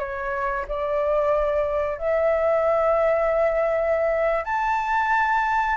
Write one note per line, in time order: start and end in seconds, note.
0.00 0.66 C#5
0.69 1.99 D5
1.99 4.45 E5
4.45 5.77 A5